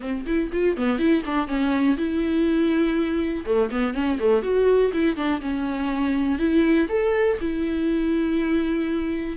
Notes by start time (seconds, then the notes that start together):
0.00 C4
0.25 E4
0.52 F4
0.76 B3
0.98 E4
1.25 D4
1.47 C#4
1.97 E4
3.45 A3
3.70 B3
3.93 C#4
4.19 A3
4.42 F#4
4.93 E4
5.16 D4
5.41 C#4
6.38 E4
6.89 A4
7.40 E4